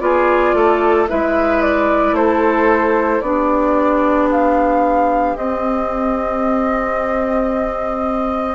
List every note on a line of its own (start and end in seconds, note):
0.00 0.54 B3
0.00 1.07 F4
0.00 0.56 G#4
0.00 1.07 D5
0.54 1.08 A3
0.54 1.10 A4
1.08 2.13 G#3
1.08 3.23 E4
1.08 2.17 B4
1.08 1.62 E5
1.62 2.16 D5
2.13 3.20 A3
2.13 3.24 A4
2.13 3.21 C5
3.21 5.36 B3
3.21 5.37 D4
3.21 8.55 G4
3.21 4.29 D5
4.31 5.37 F5
5.37 8.55 C4
5.37 8.55 D#5